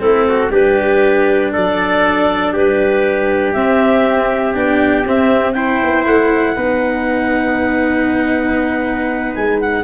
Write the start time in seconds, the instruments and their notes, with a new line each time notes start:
0.00 tuba A3, cello C4, trumpet E4, clarinet A4
0.29 trumpet F#4
0.50 tuba G3, cello D4, trumpet G4, clarinet B4
1.53 tuba F#3, trumpet A4, clarinet D5
2.53 tuba G3, trumpet G4, clarinet B4
3.53 tuba C4, cello C4, clarinet E5
4.55 tuba B3, cello D4, clarinet G5
5.05 tuba C4, cello C4, clarinet E5
5.53 cello E4, trumpet C5, clarinet G5
5.83 tuba B3
6.06 tuba A3, clarinet F#5
6.56 tuba B3, cello D#4, trumpet B4
9.35 tuba G#3, clarinet G#5
9.61 clarinet F#5